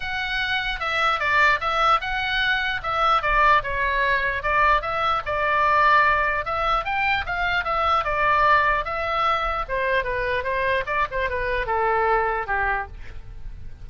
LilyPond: \new Staff \with { instrumentName = "oboe" } { \time 4/4 \tempo 4 = 149 fis''2 e''4 d''4 | e''4 fis''2 e''4 | d''4 cis''2 d''4 | e''4 d''2. |
e''4 g''4 f''4 e''4 | d''2 e''2 | c''4 b'4 c''4 d''8 c''8 | b'4 a'2 g'4 | }